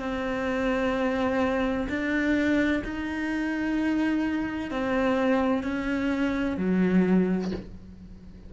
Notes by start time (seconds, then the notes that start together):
0.00 C4
1.89 D4
2.84 D#4
4.71 C4
5.63 C#4
6.58 F#3